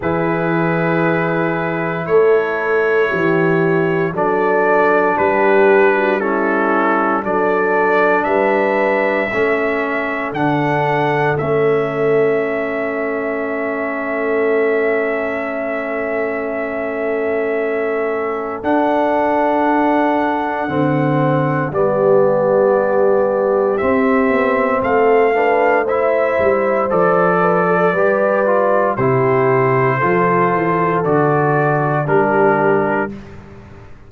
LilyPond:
<<
  \new Staff \with { instrumentName = "trumpet" } { \time 4/4 \tempo 4 = 58 b'2 cis''2 | d''4 b'4 a'4 d''4 | e''2 fis''4 e''4~ | e''1~ |
e''2 fis''2~ | fis''4 d''2 e''4 | f''4 e''4 d''2 | c''2 d''4 ais'4 | }
  \new Staff \with { instrumentName = "horn" } { \time 4/4 gis'2 a'4 g'4 | a'4 g'8. fis'16 e'4 a'4 | b'4 a'2.~ | a'1~ |
a'1~ | a'4 g'2. | a'8 b'8 c''4. b'16 a'16 b'4 | g'4 a'2 g'4 | }
  \new Staff \with { instrumentName = "trombone" } { \time 4/4 e'1 | d'2 cis'4 d'4~ | d'4 cis'4 d'4 cis'4~ | cis'1~ |
cis'2 d'2 | c'4 b2 c'4~ | c'8 d'8 e'4 a'4 g'8 f'8 | e'4 f'4 fis'4 d'4 | }
  \new Staff \with { instrumentName = "tuba" } { \time 4/4 e2 a4 e4 | fis4 g2 fis4 | g4 a4 d4 a4~ | a1~ |
a2 d'2 | d4 g2 c'8 b8 | a4. g8 f4 g4 | c4 f8 e8 d4 g4 | }
>>